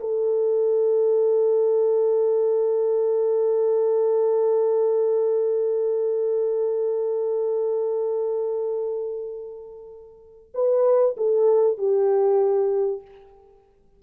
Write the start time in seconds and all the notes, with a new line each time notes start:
0.00 A4
10.54 B4
11.17 A4
11.78 G4